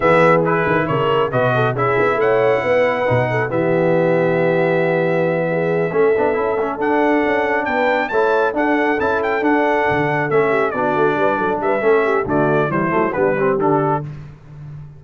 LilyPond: <<
  \new Staff \with { instrumentName = "trumpet" } { \time 4/4 \tempo 4 = 137 e''4 b'4 cis''4 dis''4 | e''4 fis''2. | e''1~ | e''2.~ e''8 fis''8~ |
fis''4. g''4 a''4 fis''8~ | fis''8 a''8 g''8 fis''2 e''8~ | e''8 d''2 e''4. | d''4 c''4 b'4 a'4 | }
  \new Staff \with { instrumentName = "horn" } { \time 4/4 gis'2 ais'4 b'8 a'8 | gis'4 cis''4 b'4. a'8 | g'1~ | g'8 gis'4 a'2~ a'8~ |
a'4. b'4 cis''4 a'8~ | a'1 | g'8 fis'4 b'8 a'8 b'8 a'8 g'8 | fis'4 e'4 d'8 g'4. | }
  \new Staff \with { instrumentName = "trombone" } { \time 4/4 b4 e'2 fis'4 | e'2. dis'4 | b1~ | b4. cis'8 d'8 e'8 cis'8 d'8~ |
d'2~ d'8 e'4 d'8~ | d'8 e'4 d'2 cis'8~ | cis'8 d'2~ d'8 cis'4 | a4 g8 a8 b8 c'8 d'4 | }
  \new Staff \with { instrumentName = "tuba" } { \time 4/4 e4. dis8 cis4 b,4 | cis'8 b8 a4 b4 b,4 | e1~ | e4. a8 b8 cis'8 a8 d'8~ |
d'8 cis'4 b4 a4 d'8~ | d'8 cis'4 d'4 d4 a8~ | a8 b8 a8 g8 fis8 g8 a4 | d4 e8 fis8 g4 d4 | }
>>